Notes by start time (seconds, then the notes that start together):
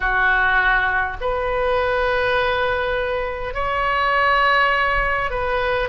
0.00 F#4
1.21 B4
3.53 C#5
5.30 B4